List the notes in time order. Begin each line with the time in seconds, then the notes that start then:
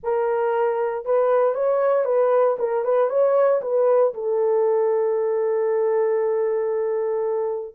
0.03 A#4
1.05 B4
1.54 C#5
2.05 B4
2.58 A#4
2.84 B4
3.09 C#5
3.61 B4
4.14 A4